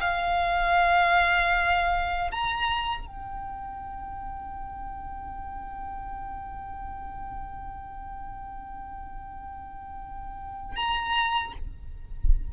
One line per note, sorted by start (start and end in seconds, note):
0.00 2.31 F5
2.31 3.07 A#5
3.07 10.76 G5
10.76 11.53 A#5